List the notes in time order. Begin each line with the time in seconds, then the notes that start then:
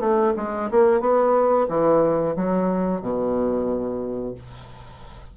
0.00 A3
0.37 G#3
0.71 A#3
1.01 B3
1.68 E3
2.36 F#3
3.01 B2